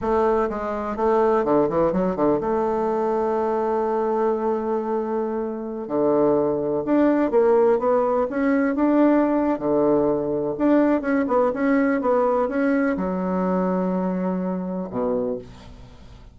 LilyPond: \new Staff \with { instrumentName = "bassoon" } { \time 4/4 \tempo 4 = 125 a4 gis4 a4 d8 e8 | fis8 d8 a2.~ | a1~ | a16 d2 d'4 ais8.~ |
ais16 b4 cis'4 d'4.~ d'16 | d2 d'4 cis'8 b8 | cis'4 b4 cis'4 fis4~ | fis2. b,4 | }